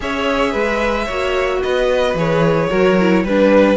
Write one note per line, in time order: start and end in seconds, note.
0.00 0.54 C#4
0.00 1.07 G#4
0.00 0.51 C#5
0.00 1.62 E5
0.51 1.08 G#3
0.51 1.05 B4
1.05 1.63 A#3
1.05 2.16 F#4
1.05 1.59 C#5
1.62 2.14 B3
1.62 2.69 B4
1.62 2.16 D#5
2.14 2.68 E3
2.14 2.70 G#4
2.14 3.26 C#5
2.69 3.23 F#3
2.69 2.97 F#4
2.69 3.23 A#4
3.00 3.27 E4
3.23 3.76 G3
3.23 3.76 D4
3.23 3.76 B4